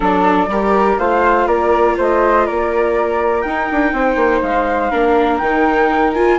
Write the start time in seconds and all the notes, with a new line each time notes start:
0.00 F#3 D4 A4 D5
0.47 G3 G4 A#4
0.98 A3 F4 C5 F5
1.46 A#3 A#4 D5
1.97 A3 C5 D#5
2.46 A#3 A#4 D5
3.41 D#4 G5
3.48 D#4
3.71 D4
3.92 C4 C5
4.15 A#3
4.42 G#3 F5
4.90 A#3 D4 A#4
5.37 D#3 D#4 G5
6.14 F4 G#5